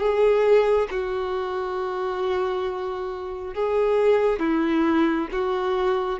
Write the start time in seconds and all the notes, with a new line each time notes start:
0.00 G#4
0.91 F#4
3.54 G#4
4.40 E4
5.32 F#4